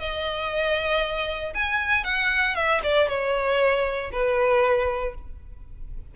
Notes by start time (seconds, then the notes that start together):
0.00 D#5
1.55 G#5
2.04 F#5
2.56 E5
2.84 D5
3.09 C#5
4.12 B4